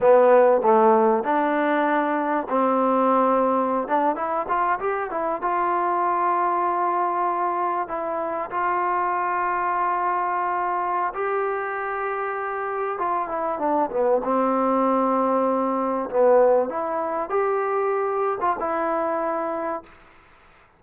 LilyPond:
\new Staff \with { instrumentName = "trombone" } { \time 4/4 \tempo 4 = 97 b4 a4 d'2 | c'2~ c'16 d'8 e'8 f'8 g'16~ | g'16 e'8 f'2.~ f'16~ | f'8. e'4 f'2~ f'16~ |
f'2 g'2~ | g'4 f'8 e'8 d'8 b8 c'4~ | c'2 b4 e'4 | g'4.~ g'16 f'16 e'2 | }